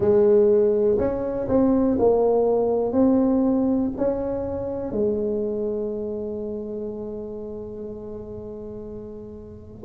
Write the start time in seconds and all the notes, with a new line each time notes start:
0.00 G#3
0.98 C#4
1.48 C4
1.99 A#3
2.92 C4
3.97 C#4
4.92 G#3